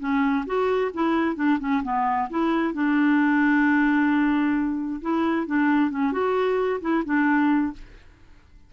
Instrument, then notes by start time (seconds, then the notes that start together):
clarinet
0.00 C#4
0.46 F#4
0.94 E4
1.36 D4
1.60 C#4
1.84 B3
2.30 E4
2.74 D4
5.02 E4
5.47 D4
5.91 C#4
6.13 F#4
6.82 E4
7.05 D4